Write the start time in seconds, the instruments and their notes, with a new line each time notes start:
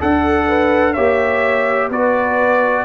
0.00 tuba D4, horn A4, trombone A4, trumpet F#5
0.48 horn B4
0.94 tuba A#3, trombone G4, horn C#5, trumpet E5
1.91 tuba B3, trombone F#4, horn B4, trumpet D5